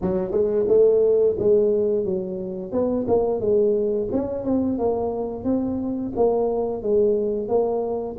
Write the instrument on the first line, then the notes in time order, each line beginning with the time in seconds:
tuba
0.01 F#3
0.31 G#3
0.68 A3
1.38 G#3
2.05 F#3
2.71 B3
3.07 A#3
3.40 G#3
4.12 C#4
4.44 C4
4.78 A#3
5.44 C4
6.15 A#3
6.82 G#3
7.48 A#3